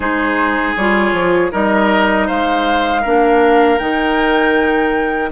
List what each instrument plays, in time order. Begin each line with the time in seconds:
0.00 bassoon G#3, clarinet D#4, oboe G#4, flute C5
0.76 bassoon G3, clarinet F4, flute C#5
1.12 bassoon F3
1.50 bassoon G3, clarinet D#4, oboe A#4, flute D#5
2.27 bassoon G#3, oboe C5, flute F5
3.01 bassoon A#3, clarinet D4, oboe A#4
3.78 bassoon D#3, clarinet D#4, flute G5